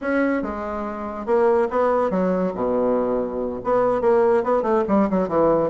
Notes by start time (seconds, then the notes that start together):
0.01 C#4
0.42 G#3
1.26 A#3
1.70 B3
2.10 F#3
2.54 B2
3.64 B3
4.01 A#3
4.43 B3
4.62 A3
4.88 G3
5.10 F#3
5.28 E3